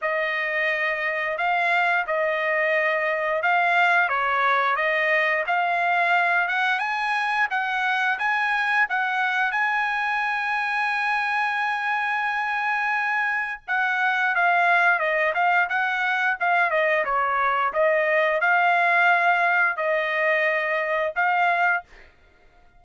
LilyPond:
\new Staff \with { instrumentName = "trumpet" } { \time 4/4 \tempo 4 = 88 dis''2 f''4 dis''4~ | dis''4 f''4 cis''4 dis''4 | f''4. fis''8 gis''4 fis''4 | gis''4 fis''4 gis''2~ |
gis''1 | fis''4 f''4 dis''8 f''8 fis''4 | f''8 dis''8 cis''4 dis''4 f''4~ | f''4 dis''2 f''4 | }